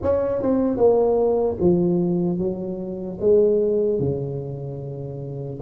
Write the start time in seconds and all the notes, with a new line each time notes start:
0.02 C#4
0.42 C4
0.77 A#3
1.60 F3
2.38 F#3
3.20 G#3
3.99 C#3